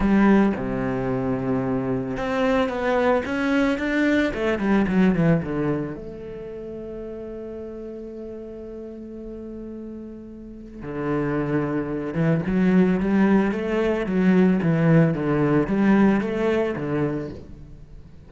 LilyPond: \new Staff \with { instrumentName = "cello" } { \time 4/4 \tempo 4 = 111 g4 c2. | c'4 b4 cis'4 d'4 | a8 g8 fis8 e8 d4 a4~ | a1~ |
a1 | d2~ d8 e8 fis4 | g4 a4 fis4 e4 | d4 g4 a4 d4 | }